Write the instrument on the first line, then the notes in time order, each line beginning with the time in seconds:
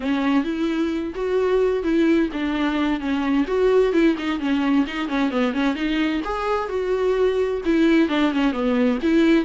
viola
0.00 C#4
0.44 E4
1.15 F#4
1.83 E4
2.32 D4
3.00 C#4
3.47 F#4
3.93 E4
4.18 D#4
4.39 C#4
4.87 D#4
5.08 C#4
5.30 B3
5.53 C#4
5.75 D#4
6.24 G#4
6.69 F#4
7.65 E4
8.09 D4
8.32 C#4
8.52 B3
9.02 E4